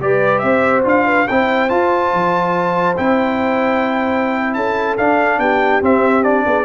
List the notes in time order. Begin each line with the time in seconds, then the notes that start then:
0.00 G3 G4 B4 D5
0.39 C4 C5 E5
0.84 D4 F4 F5
1.06 B4
1.28 C4 E4 C5 G5
1.69 F4 A5
2.13 F3
2.97 C4 E4 G5
4.54 C#4 A4 A5
4.97 D4 F5
5.39 B3 G4 G5
5.82 C4 E5
6.23 D4 D5
6.46 B3 G#4